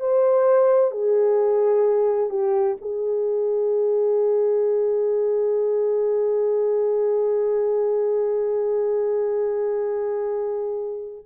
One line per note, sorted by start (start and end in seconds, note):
0.00 0.91 C5
0.91 2.29 G#4
2.29 2.76 G4
2.81 11.25 G#4